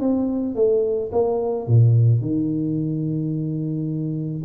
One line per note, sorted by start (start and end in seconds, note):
0.00 0.55 C4
0.55 1.11 A3
1.12 1.67 A#3
1.67 2.21 A#2
2.21 4.43 D#3